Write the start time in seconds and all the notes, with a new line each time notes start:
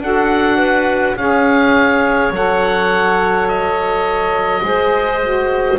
0.00 D4 F#4 A4 F#5
0.56 B4
1.16 C#4 G#4 C#5 F5
2.30 F#3 A4 F#5
3.48 D#5
4.61 G#3 G#4 C5
5.24 F#4